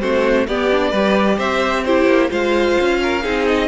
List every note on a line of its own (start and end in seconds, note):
0.00 0.48 A3
0.00 0.46 C4
0.00 0.47 F#4
0.00 0.47 C5
0.47 0.92 B3
0.47 0.71 B3
0.47 0.90 G4
0.47 1.39 D5
0.71 0.94 D4
0.90 1.38 G3
0.90 1.87 G4
0.90 1.36 B4
1.38 2.06 C4
1.38 1.84 C5
1.38 1.84 E5
1.84 2.30 E4
1.84 2.30 G4
1.84 2.30 C5
2.06 2.29 A#3
2.30 2.78 G#3
2.30 3.22 F4
2.30 2.99 C5
2.30 3.47 F5
2.81 3.25 C#4
3.03 3.23 A#4
3.23 3.67 C4
3.23 3.67 D#4
3.23 3.67 G#4
3.47 3.67 D#5